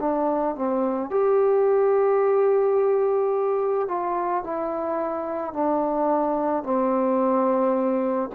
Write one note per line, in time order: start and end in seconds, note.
0.00 0.56 D4
0.56 1.11 C4
1.11 3.88 G4
3.88 4.44 F4
4.44 5.54 E4
5.54 6.64 D4
6.64 8.30 C4